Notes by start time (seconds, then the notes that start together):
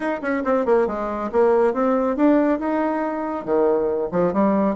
0.00 D#4
0.21 C#4
0.44 C4
0.65 A#3
0.87 G#3
1.32 A#3
1.73 C4
2.16 D4
2.59 D#4
3.45 D#3
4.11 F3
4.33 G3